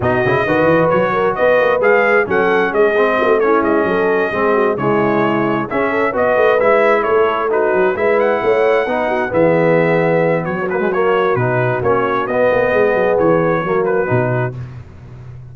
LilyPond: <<
  \new Staff \with { instrumentName = "trumpet" } { \time 4/4 \tempo 4 = 132 dis''2 cis''4 dis''4 | f''4 fis''4 dis''4. cis''8 | dis''2~ dis''8 cis''4.~ | cis''8 e''4 dis''4 e''4 cis''8~ |
cis''8 b'4 e''8 fis''2~ | fis''8 e''2~ e''8 cis''8 b'8 | cis''4 b'4 cis''4 dis''4~ | dis''4 cis''4. b'4. | }
  \new Staff \with { instrumentName = "horn" } { \time 4/4 fis'4 b'4. ais'8 b'4~ | b'4 a'4 gis'4 fis'8 e'8~ | e'8 a'4 gis'8 fis'8 e'4.~ | e'8 gis'8 a'8 b'2 a'8~ |
a'8 fis'4 b'4 cis''4 b'8 | fis'8 gis'2~ gis'8 fis'4~ | fis'1 | gis'2 fis'2 | }
  \new Staff \with { instrumentName = "trombone" } { \time 4/4 dis'8 e'8 fis'2. | gis'4 cis'4. c'4 cis'8~ | cis'4. c'4 gis4.~ | gis8 cis'4 fis'4 e'4.~ |
e'8 dis'4 e'2 dis'8~ | dis'8 b2. ais16 gis16 | ais4 dis'4 cis'4 b4~ | b2 ais4 dis'4 | }
  \new Staff \with { instrumentName = "tuba" } { \time 4/4 b,8 cis8 dis8 e8 fis4 b8 ais8 | gis4 fis4 gis4 a4 | gis8 fis4 gis4 cis4.~ | cis8 cis'4 b8 a8 gis4 a8~ |
a4 fis8 gis4 a4 b8~ | b8 e2~ e8 fis4~ | fis4 b,4 ais4 b8 ais8 | gis8 fis8 e4 fis4 b,4 | }
>>